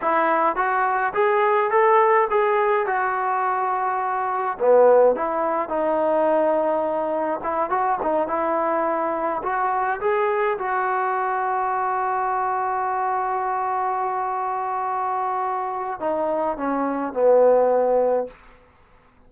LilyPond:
\new Staff \with { instrumentName = "trombone" } { \time 4/4 \tempo 4 = 105 e'4 fis'4 gis'4 a'4 | gis'4 fis'2. | b4 e'4 dis'2~ | dis'4 e'8 fis'8 dis'8 e'4.~ |
e'8 fis'4 gis'4 fis'4.~ | fis'1~ | fis'1 | dis'4 cis'4 b2 | }